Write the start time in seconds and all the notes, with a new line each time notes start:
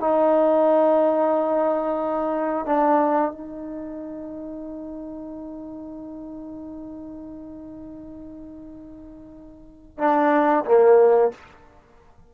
0.00 D#4
2.66 D4
3.32 D#4
9.98 D4
10.65 A#3